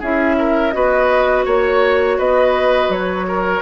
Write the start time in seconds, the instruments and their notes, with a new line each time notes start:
0.00 bassoon C#4, clarinet E4, oboe G#4, flute E5
0.38 oboe A#4
0.71 bassoon B3, clarinet F#4, oboe B4, flute D#5
1.45 bassoon A#3, oboe C#5, flute C#5
2.18 bassoon B3, oboe B4, flute D#5
2.89 bassoon F#3, flute C#5
3.28 oboe A#4